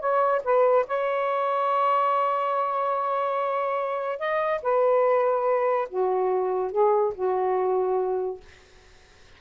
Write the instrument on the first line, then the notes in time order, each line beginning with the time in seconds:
saxophone
0.00 C#5
0.44 B4
0.88 C#5
4.20 D#5
4.63 B4
5.90 F#4
6.72 G#4
7.15 F#4